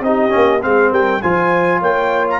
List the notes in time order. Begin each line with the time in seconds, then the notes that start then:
0.00 C4 D#4 G4 D#5
0.29 A#3 C#4
0.61 G#3 C4 G#4 F5
0.91 G3 A#4 G5
1.21 F3 F4 C5 G#5
1.79 A#3 C#5 G5
2.29 A#5